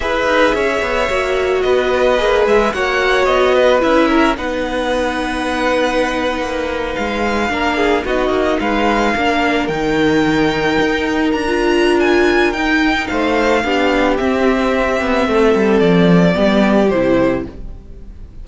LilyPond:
<<
  \new Staff \with { instrumentName = "violin" } { \time 4/4 \tempo 4 = 110 e''2. dis''4~ | dis''8 e''8 fis''4 dis''4 e''4 | fis''1~ | fis''8. f''2 dis''4 f''16~ |
f''4.~ f''16 g''2~ g''16~ | g''8. ais''4~ ais''16 gis''4 g''4 | f''2 e''2~ | e''4 d''2 c''4 | }
  \new Staff \with { instrumentName = "violin" } { \time 4/4 b'4 cis''2 b'4~ | b'4 cis''4. b'4 ais'8 | b'1~ | b'4.~ b'16 ais'8 gis'8 fis'4 b'16~ |
b'8. ais'2.~ ais'16~ | ais'1 | c''4 g'2. | a'2 g'2 | }
  \new Staff \with { instrumentName = "viola" } { \time 4/4 gis'2 fis'2 | gis'4 fis'2 e'4 | dis'1~ | dis'4.~ dis'16 d'4 dis'4~ dis'16~ |
dis'8. d'4 dis'2~ dis'16~ | dis'4 f'2 dis'4~ | dis'4 d'4 c'2~ | c'2 b4 e'4 | }
  \new Staff \with { instrumentName = "cello" } { \time 4/4 e'8 dis'8 cis'8 b8 ais4 b4 | ais8 gis8 ais4 b4 cis'4 | b2.~ b8. ais16~ | ais8. gis4 ais4 b8 ais8 gis16~ |
gis8. ais4 dis2 dis'16~ | dis'8. d'2~ d'16 dis'4 | a4 b4 c'4. b8 | a8 g8 f4 g4 c4 | }
>>